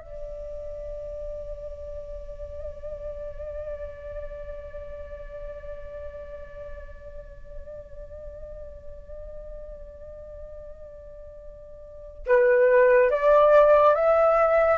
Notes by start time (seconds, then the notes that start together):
0.00 D5
12.27 B4
13.11 D5
13.96 E5